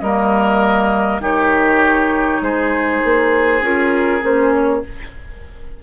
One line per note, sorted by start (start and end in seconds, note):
0.00 1.20 G3
0.00 1.21 A#3
0.00 1.22 A#4
0.00 1.20 D#5
1.20 2.40 D#3
1.20 3.60 D#4
1.20 2.42 G4
1.20 2.43 C#5
2.41 3.01 G#3
2.41 4.83 G#4
2.41 3.63 C5
3.04 3.61 A#3
3.61 4.21 C#4
3.61 4.21 F4
3.61 4.24 A#4
4.21 4.83 A#3
4.21 4.81 C#4
4.21 4.53 C5
4.53 4.83 C#5